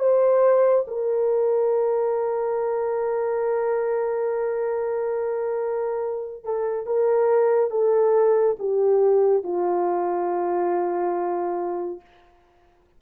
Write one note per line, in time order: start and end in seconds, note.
0.00 0.86 C5
0.88 6.44 A#4
6.44 6.87 A4
6.87 7.71 A#4
7.71 8.57 A4
8.59 9.44 G4
9.44 12.01 F4